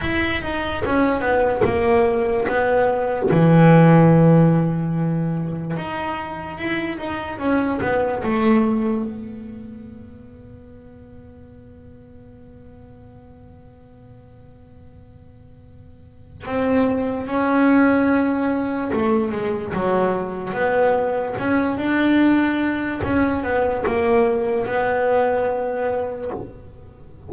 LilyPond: \new Staff \with { instrumentName = "double bass" } { \time 4/4 \tempo 4 = 73 e'8 dis'8 cis'8 b8 ais4 b4 | e2. dis'4 | e'8 dis'8 cis'8 b8 a4 b4~ | b1~ |
b1 | c'4 cis'2 a8 gis8 | fis4 b4 cis'8 d'4. | cis'8 b8 ais4 b2 | }